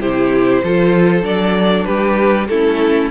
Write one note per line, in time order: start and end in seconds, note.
0.00 0.62 C3
0.00 0.64 E4
0.00 0.62 G4
0.00 1.25 C5
0.63 1.23 F3
0.63 1.22 F4
0.63 1.86 A4
1.22 1.85 F#3
1.22 2.46 D4
1.22 1.85 D5
1.85 2.49 G3
1.85 2.48 G4
1.85 2.47 B4
2.48 3.11 A3
2.48 3.11 C#4
2.48 3.11 E4
2.48 3.10 A4